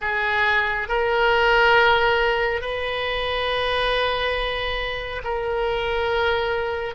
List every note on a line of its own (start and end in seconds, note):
0.01 0.88 G#4
0.88 2.61 A#4
2.61 5.22 B4
5.24 6.94 A#4